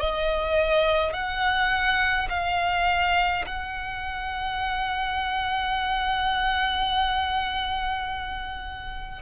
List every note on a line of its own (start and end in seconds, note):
0.00 1.13 D#5
1.13 2.28 F#5
2.30 3.45 F5
3.46 9.22 F#5